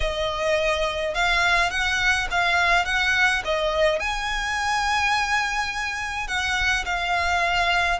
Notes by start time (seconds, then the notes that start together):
0.00 D#5
1.14 F5
1.70 F#5
2.30 F5
2.85 F#5
3.44 D#5
3.99 G#5
6.27 F#5
6.85 F5